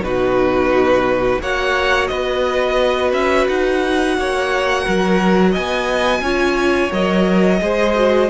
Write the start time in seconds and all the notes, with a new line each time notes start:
0.00 B2 D#4 F#4 B4
1.40 A#3 F#4 C#5 F#5
2.07 B3 B4 D#5
3.12 C#4 E5
3.48 D#4 F#5
4.17 A#3 C#5
4.84 F#3 A#4
5.52 B3 D#5 G#5
6.20 C#4 F4 C#5
6.91 F#3 A#4 D#5
7.60 G#3 G#4 C5
7.95 F#4